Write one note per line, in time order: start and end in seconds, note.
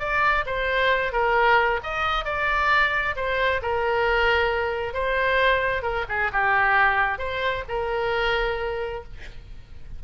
0.00 0.45 D5
0.46 1.13 C5
1.13 1.80 A#4
1.83 2.25 D#5
2.25 3.15 D5
3.16 3.62 C5
3.62 4.94 A#4
4.94 5.83 C5
5.83 6.05 A#4
6.09 6.32 G#4
6.33 7.19 G4
7.19 7.64 C5
7.69 9.04 A#4